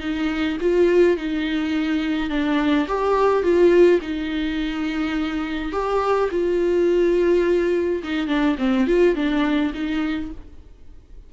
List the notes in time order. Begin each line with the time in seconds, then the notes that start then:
0.00 D#4
0.60 F4
1.17 D#4
2.30 D4
2.88 G4
3.43 F4
4.01 D#4
5.72 G4
6.31 F4
8.03 D#4
8.27 D4
8.58 C4
8.87 F4
9.15 D4
9.74 D#4